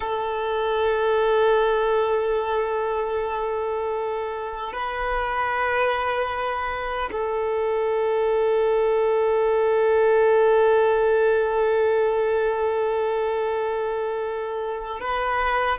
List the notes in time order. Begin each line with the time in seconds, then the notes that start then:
0.00 A4
4.72 B4
7.11 A4
15.00 B4